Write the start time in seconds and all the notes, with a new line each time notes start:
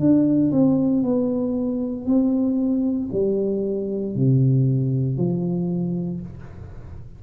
0.00 D4
0.52 C4
1.03 B3
2.06 C4
3.13 G3
4.16 C3
5.18 F3